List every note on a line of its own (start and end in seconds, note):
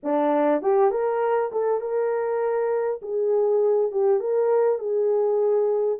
0.03 0.61 D4
0.61 0.90 G4
0.90 1.50 A#4
1.52 1.80 A4
1.80 3.00 A#4
3.02 3.91 G#4
3.91 4.20 G4
4.20 4.78 A#4
4.78 5.98 G#4